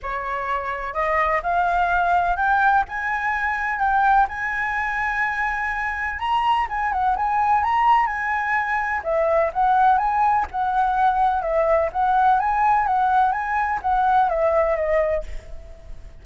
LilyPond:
\new Staff \with { instrumentName = "flute" } { \time 4/4 \tempo 4 = 126 cis''2 dis''4 f''4~ | f''4 g''4 gis''2 | g''4 gis''2.~ | gis''4 ais''4 gis''8 fis''8 gis''4 |
ais''4 gis''2 e''4 | fis''4 gis''4 fis''2 | e''4 fis''4 gis''4 fis''4 | gis''4 fis''4 e''4 dis''4 | }